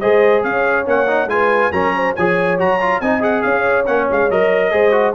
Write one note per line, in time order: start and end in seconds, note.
0.00 0.44 G#3
0.00 0.85 G#4
0.00 0.43 C5
0.00 0.43 D#5
0.43 0.86 C#4
0.43 1.28 C#5
0.43 0.86 F5
0.85 1.26 A#3
0.85 1.07 C#4
0.85 1.29 F#5
1.07 1.28 D#4
1.26 1.69 G#3
1.26 1.72 F4
1.26 1.73 B4
1.26 1.72 G#5
1.72 2.15 F#3
1.72 2.16 C#4
1.72 1.95 A#4
1.72 2.14 A#5
1.95 2.15 C5
2.15 2.61 F3
2.15 2.58 G#4
2.15 3.01 C#5
2.15 2.58 G#5
2.58 3.00 F#3
2.58 2.79 F#4
2.58 3.00 A#5
2.81 3.02 F4
3.00 3.43 C4
3.00 3.20 D#4
3.00 3.43 D#5
3.00 3.22 G#5
3.20 3.84 G#4
3.20 3.42 F#5
3.42 3.87 C#4
3.42 4.72 C#5
3.42 3.85 F5
3.86 4.08 A#3
3.86 4.30 C#4
3.86 4.07 F#5
4.11 4.30 G#3
4.11 4.31 F5
4.30 4.72 F#3
4.30 4.71 A#4
4.30 5.14 D#5
4.71 5.14 G#3
4.71 4.91 G#4
4.71 5.14 C5
4.91 5.13 F#4